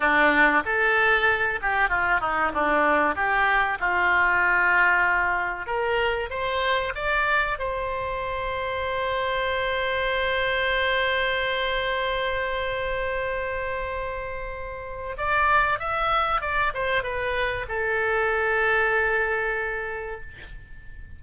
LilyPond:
\new Staff \with { instrumentName = "oboe" } { \time 4/4 \tempo 4 = 95 d'4 a'4. g'8 f'8 dis'8 | d'4 g'4 f'2~ | f'4 ais'4 c''4 d''4 | c''1~ |
c''1~ | c''1 | d''4 e''4 d''8 c''8 b'4 | a'1 | }